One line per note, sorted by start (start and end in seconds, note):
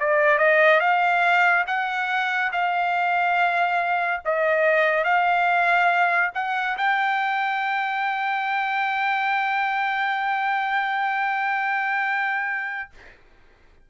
0.00 0.38 D5
0.38 0.80 D#5
0.80 1.64 F5
1.67 2.52 F#5
2.52 4.21 F5
4.25 5.04 D#5
5.04 6.31 F5
6.35 6.77 F#5
6.77 12.90 G5